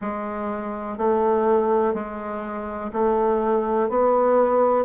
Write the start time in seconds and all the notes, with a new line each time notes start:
0.00 G#3
0.97 A3
1.94 G#3
2.93 A3
3.89 B3